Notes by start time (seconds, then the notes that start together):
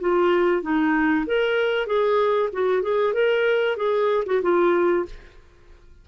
0.00 F4
0.62 D#4
1.26 A#4
1.86 G#4
2.52 F#4
2.82 G#4
3.13 A#4
3.76 G#4
4.25 F#4
4.42 F4